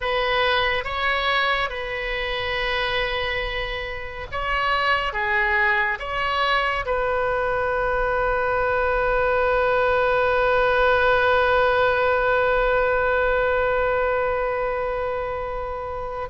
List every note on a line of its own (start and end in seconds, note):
0.00 0.84 B4
0.84 1.69 C#5
1.69 4.26 B4
4.31 5.12 C#5
5.12 5.98 G#4
5.99 6.85 C#5
6.85 16.28 B4